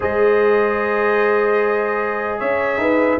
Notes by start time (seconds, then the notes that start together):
0.00 G#3 G#4 C5 D#5
2.39 C#4 C#5 E5
2.77 D#4 B4